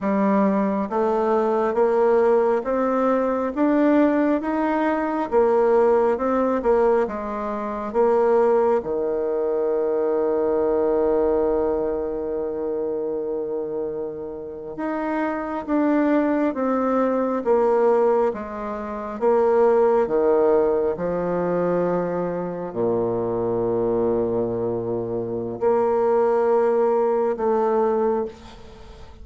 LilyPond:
\new Staff \with { instrumentName = "bassoon" } { \time 4/4 \tempo 4 = 68 g4 a4 ais4 c'4 | d'4 dis'4 ais4 c'8 ais8 | gis4 ais4 dis2~ | dis1~ |
dis8. dis'4 d'4 c'4 ais16~ | ais8. gis4 ais4 dis4 f16~ | f4.~ f16 ais,2~ ais,16~ | ais,4 ais2 a4 | }